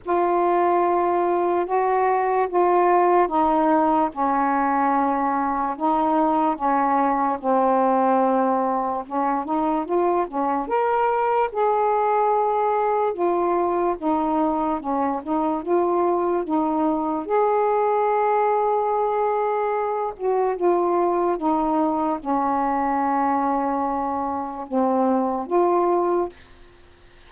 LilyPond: \new Staff \with { instrumentName = "saxophone" } { \time 4/4 \tempo 4 = 73 f'2 fis'4 f'4 | dis'4 cis'2 dis'4 | cis'4 c'2 cis'8 dis'8 | f'8 cis'8 ais'4 gis'2 |
f'4 dis'4 cis'8 dis'8 f'4 | dis'4 gis'2.~ | gis'8 fis'8 f'4 dis'4 cis'4~ | cis'2 c'4 f'4 | }